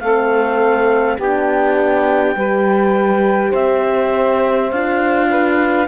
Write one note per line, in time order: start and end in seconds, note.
0.00 1.18 A3
0.00 1.22 C4
0.00 1.18 A4
0.00 1.18 F5
1.18 2.36 B3
1.18 2.37 D4
1.18 2.36 G4
1.18 3.55 G5
2.36 3.53 G3
2.36 4.73 G4
2.36 3.51 B4
3.51 4.72 C4
3.51 5.27 C5
3.51 4.71 E5
4.71 5.88 D4
4.71 5.88 F4
4.71 5.88 F5
5.30 5.88 B4